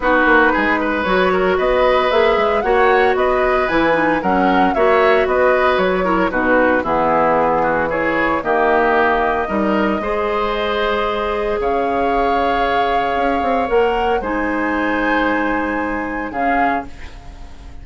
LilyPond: <<
  \new Staff \with { instrumentName = "flute" } { \time 4/4 \tempo 4 = 114 b'2 cis''4 dis''4 | e''4 fis''4 dis''4 gis''4 | fis''4 e''4 dis''4 cis''4 | b'4 gis'2 cis''4 |
dis''1~ | dis''2 f''2~ | f''2 fis''4 gis''4~ | gis''2. f''4 | }
  \new Staff \with { instrumentName = "oboe" } { \time 4/4 fis'4 gis'8 b'4 ais'8 b'4~ | b'4 cis''4 b'2 | ais'4 cis''4 b'4. ais'8 | fis'4 e'4. fis'8 gis'4 |
g'2 ais'4 c''4~ | c''2 cis''2~ | cis''2. c''4~ | c''2. gis'4 | }
  \new Staff \with { instrumentName = "clarinet" } { \time 4/4 dis'2 fis'2 | gis'4 fis'2 e'8 dis'8 | cis'4 fis'2~ fis'8 e'8 | dis'4 b2 e'4 |
ais2 dis'4 gis'4~ | gis'1~ | gis'2 ais'4 dis'4~ | dis'2. cis'4 | }
  \new Staff \with { instrumentName = "bassoon" } { \time 4/4 b8 ais8 gis4 fis4 b4 | ais8 gis8 ais4 b4 e4 | fis4 ais4 b4 fis4 | b,4 e2. |
dis2 g4 gis4~ | gis2 cis2~ | cis4 cis'8 c'8 ais4 gis4~ | gis2. cis4 | }
>>